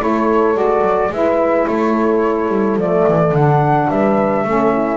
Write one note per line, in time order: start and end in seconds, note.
0.00 0.54 A3
0.00 0.54 E4
0.00 1.12 A4
0.00 0.57 C#5
0.54 0.81 G#3
0.54 1.10 F#4
0.54 1.13 D5
0.81 1.09 F#3
1.10 1.65 G#3
1.10 2.78 E4
1.10 1.69 B4
1.10 1.67 E5
1.67 2.48 A3
1.67 3.90 A4
1.67 2.78 C#5
2.48 2.76 G3
2.76 3.04 F3
2.76 3.35 A3
2.76 3.35 D5
3.08 3.31 E3
3.31 3.87 D3
3.31 4.47 D4
3.31 3.89 F#5
3.89 4.44 G3
3.89 4.45 B4
3.89 4.97 E5
4.44 4.97 A3
4.44 4.97 C#4
4.44 4.73 A4
4.73 4.97 E4